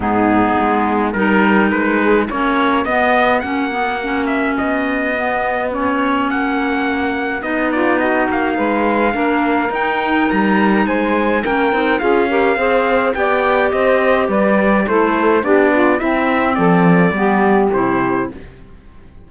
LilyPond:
<<
  \new Staff \with { instrumentName = "trumpet" } { \time 4/4 \tempo 4 = 105 gis'2 ais'4 b'4 | cis''4 dis''4 fis''4. e''8 | dis''2 cis''4 fis''4~ | fis''4 dis''8 d''8 dis''8 f''4.~ |
f''4 g''4 ais''4 gis''4 | g''4 f''2 g''4 | dis''4 d''4 c''4 d''4 | e''4 d''2 c''4 | }
  \new Staff \with { instrumentName = "saxophone" } { \time 4/4 dis'2 ais'4. gis'8 | fis'1~ | fis'1~ | fis'4. f'8 fis'4 b'4 |
ais'2. c''4 | ais'4 gis'8 ais'8 c''4 d''4 | c''4 b'4 a'4 g'8 f'8 | e'4 a'4 g'2 | }
  \new Staff \with { instrumentName = "clarinet" } { \time 4/4 b2 dis'2 | cis'4 b4 cis'8 b8 cis'4~ | cis'4 b4 cis'2~ | cis'4 dis'2. |
d'4 dis'2. | cis'8 dis'8 f'8 g'8 gis'4 g'4~ | g'2 e'4 d'4 | c'2 b4 e'4 | }
  \new Staff \with { instrumentName = "cello" } { \time 4/4 gis,4 gis4 g4 gis4 | ais4 b4 ais2 | b2. ais4~ | ais4 b4. ais8 gis4 |
ais4 dis'4 g4 gis4 | ais8 c'8 cis'4 c'4 b4 | c'4 g4 a4 b4 | c'4 f4 g4 c4 | }
>>